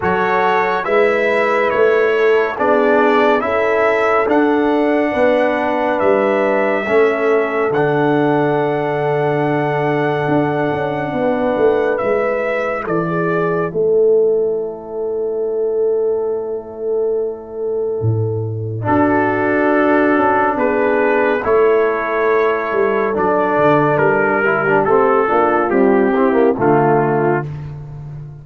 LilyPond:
<<
  \new Staff \with { instrumentName = "trumpet" } { \time 4/4 \tempo 4 = 70 cis''4 e''4 cis''4 d''4 | e''4 fis''2 e''4~ | e''4 fis''2.~ | fis''2 e''4 d''4 |
cis''1~ | cis''2 a'2 | b'4 cis''2 d''4 | ais'4 a'4 g'4 f'4 | }
  \new Staff \with { instrumentName = "horn" } { \time 4/4 a'4 b'4. a'8 gis'4 | a'2 b'2 | a'1~ | a'4 b'2 a'16 gis'8. |
a'1~ | a'2 fis'2 | gis'4 a'2.~ | a'8 g'4 f'4 e'8 f'4 | }
  \new Staff \with { instrumentName = "trombone" } { \time 4/4 fis'4 e'2 d'4 | e'4 d'2. | cis'4 d'2.~ | d'2 e'2~ |
e'1~ | e'2 d'2~ | d'4 e'2 d'4~ | d'8 e'16 d'16 c'8 d'8 g8 c'16 ais16 a4 | }
  \new Staff \with { instrumentName = "tuba" } { \time 4/4 fis4 gis4 a4 b4 | cis'4 d'4 b4 g4 | a4 d2. | d'8 cis'8 b8 a8 gis4 e4 |
a1~ | a4 a,4 d'4. cis'8 | b4 a4. g8 fis8 d8 | g4 a8 ais8 c'4 d4 | }
>>